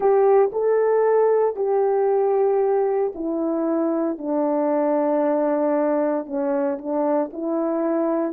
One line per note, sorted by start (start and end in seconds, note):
0.00 0.51 G4
0.52 1.56 A4
1.56 3.12 G4
3.14 4.17 E4
4.17 6.26 D4
6.26 6.78 C#4
6.78 7.30 D4
7.32 8.33 E4